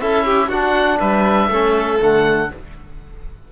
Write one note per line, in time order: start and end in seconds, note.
0.00 0.49 C#4
0.00 0.52 E4
0.00 0.26 A4
0.00 0.50 E5
0.26 0.49 G4
0.49 0.98 D4
0.49 1.51 D4
0.49 0.98 F#4
0.49 1.00 F#5
0.99 1.49 G3
0.99 1.49 B4
0.99 1.99 E5
1.49 1.98 A3
1.49 2.00 C#4
1.49 2.51 A4
2.00 2.51 D3
2.00 2.49 A3
2.00 2.52 F#5